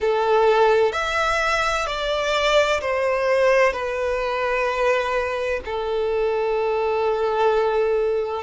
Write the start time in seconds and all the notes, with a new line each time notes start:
0.00 A4
0.92 E5
1.86 D5
2.80 C5
3.72 B4
5.65 A4